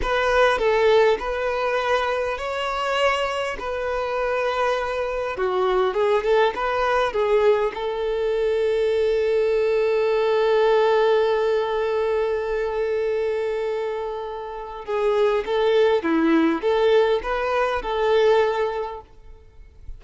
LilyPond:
\new Staff \with { instrumentName = "violin" } { \time 4/4 \tempo 4 = 101 b'4 a'4 b'2 | cis''2 b'2~ | b'4 fis'4 gis'8 a'8 b'4 | gis'4 a'2.~ |
a'1~ | a'1~ | a'4 gis'4 a'4 e'4 | a'4 b'4 a'2 | }